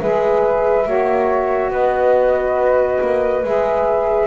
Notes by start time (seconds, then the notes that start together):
0.00 G#3 G#4 B4 E5
0.85 A#3 F#4 C#5
1.71 B3 B4 D#5
3.01 A#3
3.43 G#3 G#4 E5